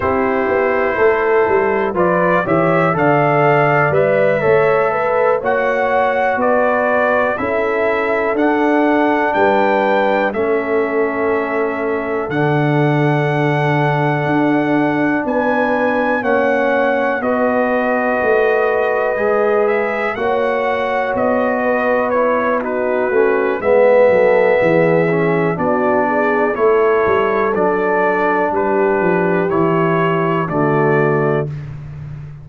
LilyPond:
<<
  \new Staff \with { instrumentName = "trumpet" } { \time 4/4 \tempo 4 = 61 c''2 d''8 e''8 f''4 | e''4. fis''4 d''4 e''8~ | e''8 fis''4 g''4 e''4.~ | e''8 fis''2. gis''8~ |
gis''8 fis''4 dis''2~ dis''8 | e''8 fis''4 dis''4 cis''8 b'4 | e''2 d''4 cis''4 | d''4 b'4 cis''4 d''4 | }
  \new Staff \with { instrumentName = "horn" } { \time 4/4 g'4 a'4 b'8 cis''8 d''4~ | d''8 cis''8 b'8 cis''4 b'4 a'8~ | a'4. b'4 a'4.~ | a'2.~ a'8 b'8~ |
b'8 cis''4 b'2~ b'8~ | b'8 cis''4. b'4 fis'4 | b'8 a'8 gis'4 fis'8 gis'8 a'4~ | a'4 g'2 fis'4 | }
  \new Staff \with { instrumentName = "trombone" } { \time 4/4 e'2 f'8 g'8 a'4 | b'8 a'4 fis'2 e'8~ | e'8 d'2 cis'4.~ | cis'8 d'2.~ d'8~ |
d'8 cis'4 fis'2 gis'8~ | gis'8 fis'2 e'8 dis'8 cis'8 | b4. cis'8 d'4 e'4 | d'2 e'4 a4 | }
  \new Staff \with { instrumentName = "tuba" } { \time 4/4 c'8 b8 a8 g8 f8 e8 d4 | g8 a4 ais4 b4 cis'8~ | cis'8 d'4 g4 a4.~ | a8 d2 d'4 b8~ |
b8 ais4 b4 a4 gis8~ | gis8 ais4 b2 a8 | gis8 fis8 e4 b4 a8 g8 | fis4 g8 f8 e4 d4 | }
>>